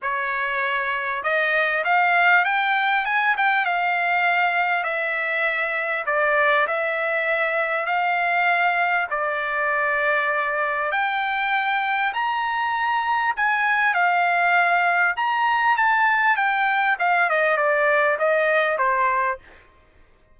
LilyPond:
\new Staff \with { instrumentName = "trumpet" } { \time 4/4 \tempo 4 = 99 cis''2 dis''4 f''4 | g''4 gis''8 g''8 f''2 | e''2 d''4 e''4~ | e''4 f''2 d''4~ |
d''2 g''2 | ais''2 gis''4 f''4~ | f''4 ais''4 a''4 g''4 | f''8 dis''8 d''4 dis''4 c''4 | }